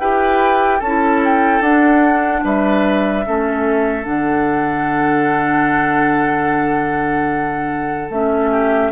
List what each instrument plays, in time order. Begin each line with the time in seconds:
0.00 bassoon E4, clarinet G4, oboe B4, flute G5
0.79 bassoon C#4, oboe A4, flute A5
0.87 clarinet E4
1.25 flute G5
1.61 bassoon D4, clarinet D4, flute F#5
2.44 bassoon G3, oboe B4, flute E5
3.25 bassoon A3, clarinet C#4, oboe A4
4.04 bassoon D3, clarinet D4, flute F#5
8.10 bassoon A3, clarinet C#4, flute E5
8.51 oboe G4